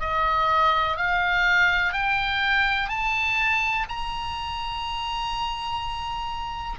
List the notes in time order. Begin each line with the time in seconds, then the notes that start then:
0.00 D#5
0.97 F5
1.93 G5
2.89 A5
3.89 A#5